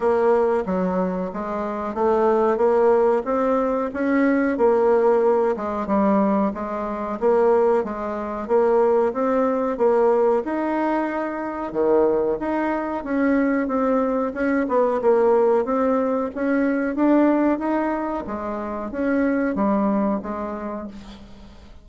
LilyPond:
\new Staff \with { instrumentName = "bassoon" } { \time 4/4 \tempo 4 = 92 ais4 fis4 gis4 a4 | ais4 c'4 cis'4 ais4~ | ais8 gis8 g4 gis4 ais4 | gis4 ais4 c'4 ais4 |
dis'2 dis4 dis'4 | cis'4 c'4 cis'8 b8 ais4 | c'4 cis'4 d'4 dis'4 | gis4 cis'4 g4 gis4 | }